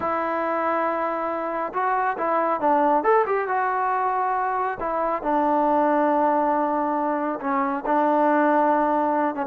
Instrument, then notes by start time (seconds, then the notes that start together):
trombone
0.00 E4
1.73 F#4
2.17 E4
2.60 D4
3.03 A4
3.26 G4
3.48 F#4
4.80 E4
5.22 D4
7.40 C#4
7.86 D4
9.35 C#4